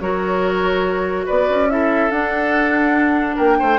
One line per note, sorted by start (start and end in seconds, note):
0.00 1.27 F#3
0.00 1.69 F#4
0.00 1.26 A#4
0.00 1.26 C#5
1.26 1.50 B3
1.26 1.68 B4
1.26 1.70 D5
1.50 2.11 C#4
1.70 2.12 E4
1.70 3.36 A4
1.70 2.11 E5
2.11 3.37 D4
2.11 3.79 D4
2.11 3.37 F#5
3.36 3.60 A#3
3.36 3.57 A#4
3.36 3.79 G5
3.60 3.79 A3
3.60 3.79 C5